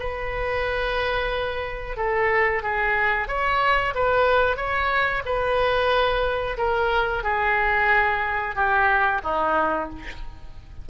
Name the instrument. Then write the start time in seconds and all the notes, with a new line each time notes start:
oboe
0.00 B4
1.97 A4
2.63 G#4
3.28 C#5
3.95 B4
4.57 C#5
5.26 B4
6.58 A#4
7.24 G#4
8.56 G4
9.24 D#4